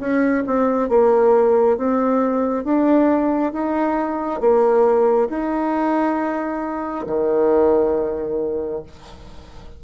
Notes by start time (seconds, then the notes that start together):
0.00 C#4
0.47 C4
0.89 A#3
1.77 C4
2.65 D4
3.53 D#4
4.41 A#3
5.30 D#4
7.07 D#3